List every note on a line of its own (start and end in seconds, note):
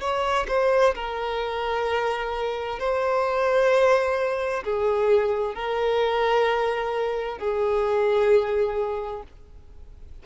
0.00 0.46 C#5
0.48 0.94 C5
0.94 2.79 A#4
2.79 4.63 C5
4.64 5.54 G#4
5.54 7.38 A#4
7.38 9.23 G#4